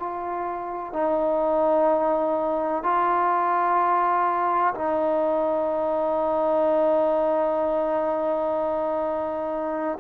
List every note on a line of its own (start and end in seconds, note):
0.00 0.94 F4
0.94 2.84 D#4
2.84 4.74 F4
4.75 9.99 D#4